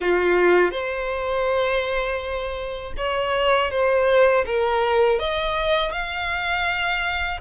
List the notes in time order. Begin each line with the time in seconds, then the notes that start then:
0.00 F4
0.71 C5
2.97 C#5
3.70 C5
4.45 A#4
5.19 D#5
5.92 F5